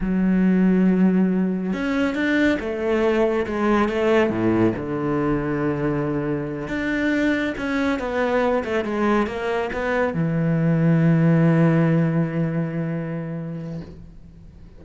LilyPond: \new Staff \with { instrumentName = "cello" } { \time 4/4 \tempo 4 = 139 fis1 | cis'4 d'4 a2 | gis4 a4 a,4 d4~ | d2.~ d8 d'8~ |
d'4. cis'4 b4. | a8 gis4 ais4 b4 e8~ | e1~ | e1 | }